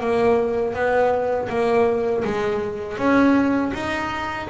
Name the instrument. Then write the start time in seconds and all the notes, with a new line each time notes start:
double bass
0.00 A#3
0.74 B3
1.49 A#3
2.24 G#3
2.98 C#4
3.74 D#4